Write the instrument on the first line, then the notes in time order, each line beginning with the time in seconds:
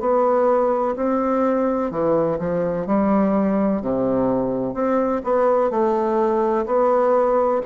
bassoon
0.00 B3
0.96 C4
1.91 E3
2.39 F3
2.87 G3
3.82 C3
4.74 C4
5.24 B3
5.71 A3
6.66 B3